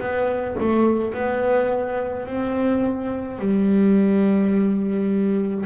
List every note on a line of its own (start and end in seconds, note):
0.00 0.57 B3
0.60 1.14 A3
1.14 2.26 B3
2.26 3.39 C4
3.39 5.66 G3